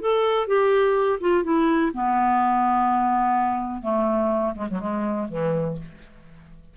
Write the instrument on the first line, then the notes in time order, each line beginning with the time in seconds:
clarinet
0.00 A4
0.47 G4
1.20 F4
1.44 E4
1.93 B3
3.82 A3
4.55 G#3
4.70 F#3
4.79 G#3
5.28 E3